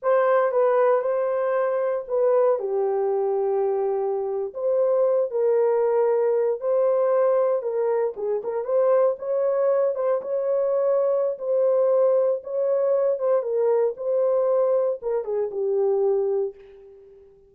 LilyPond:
\new Staff \with { instrumentName = "horn" } { \time 4/4 \tempo 4 = 116 c''4 b'4 c''2 | b'4 g'2.~ | g'8. c''4. ais'4.~ ais'16~ | ais'8. c''2 ais'4 gis'16~ |
gis'16 ais'8 c''4 cis''4. c''8 cis''16~ | cis''2 c''2 | cis''4. c''8 ais'4 c''4~ | c''4 ais'8 gis'8 g'2 | }